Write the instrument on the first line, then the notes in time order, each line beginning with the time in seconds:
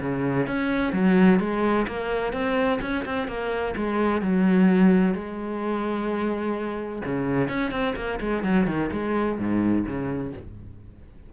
cello
0.00 C#3
0.46 C#4
0.93 F#3
1.39 G#3
1.87 A#3
2.32 C4
2.81 C#4
3.05 C4
3.27 A#3
3.76 G#3
4.21 F#3
5.14 G#3
7.05 C#3
7.48 C#4
7.71 C4
7.96 A#3
8.20 G#3
8.43 F#3
8.67 D#3
8.92 G#3
9.38 G#2
9.86 C#3